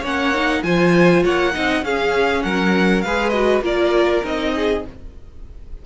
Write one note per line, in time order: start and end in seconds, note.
0.00 0.63 A#3
0.00 0.34 C#4
0.00 0.60 C#5
0.00 0.63 F#5
0.34 0.63 D#4
0.63 1.23 F3
0.63 1.53 F4
0.63 1.23 C5
0.63 1.23 G#5
1.23 1.56 A#3
1.23 1.53 C#5
1.23 1.84 F#5
1.53 1.82 C4
1.53 1.83 D#4
1.53 1.85 D#5
1.82 2.42 C#4
1.82 3.04 C#4
1.82 2.44 G#4
1.82 2.43 F5
2.43 3.04 F#3
2.43 3.04 A#4
2.43 3.02 F#5
3.02 3.62 G#3
3.02 3.34 G#4
3.02 3.64 B4
3.02 3.29 F5
3.29 3.62 F#4
3.29 3.60 D#5
3.62 4.22 A#3
3.62 4.22 F4
3.62 4.54 A#4
3.62 4.25 D5
4.24 4.84 C4
4.24 4.84 D#4
4.24 4.86 D#5
4.55 4.85 G#4